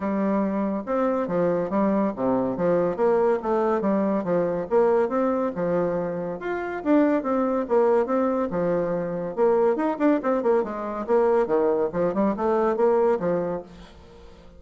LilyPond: \new Staff \with { instrumentName = "bassoon" } { \time 4/4 \tempo 4 = 141 g2 c'4 f4 | g4 c4 f4 ais4 | a4 g4 f4 ais4 | c'4 f2 f'4 |
d'4 c'4 ais4 c'4 | f2 ais4 dis'8 d'8 | c'8 ais8 gis4 ais4 dis4 | f8 g8 a4 ais4 f4 | }